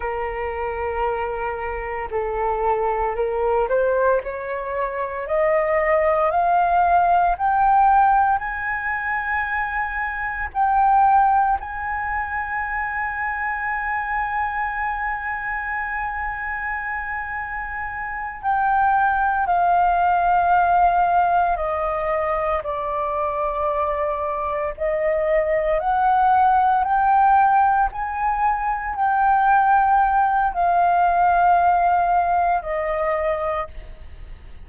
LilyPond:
\new Staff \with { instrumentName = "flute" } { \time 4/4 \tempo 4 = 57 ais'2 a'4 ais'8 c''8 | cis''4 dis''4 f''4 g''4 | gis''2 g''4 gis''4~ | gis''1~ |
gis''4. g''4 f''4.~ | f''8 dis''4 d''2 dis''8~ | dis''8 fis''4 g''4 gis''4 g''8~ | g''4 f''2 dis''4 | }